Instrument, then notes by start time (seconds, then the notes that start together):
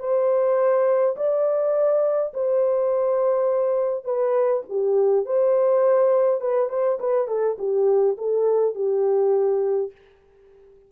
horn
0.00 C5
1.17 D5
2.34 C5
4.05 B4
4.69 G4
5.26 C5
6.41 B4
6.70 C5
7.00 B4
7.28 A4
7.59 G4
8.18 A4
8.75 G4